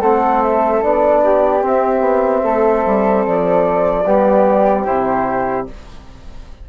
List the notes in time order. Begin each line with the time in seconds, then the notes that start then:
0.00 A3 C4 A4 F#5
0.42 E5
0.82 B3 D4 D5
1.23 G4
1.61 C4 E5
2.00 B3
2.43 A3 A4
2.85 G3
3.25 F3 D5
4.05 G3 B3 G4
4.84 C3 E4 C5